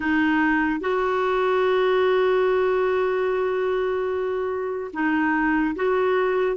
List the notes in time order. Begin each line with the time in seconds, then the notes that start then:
0.00 D#4
0.80 F#4
4.93 D#4
5.75 F#4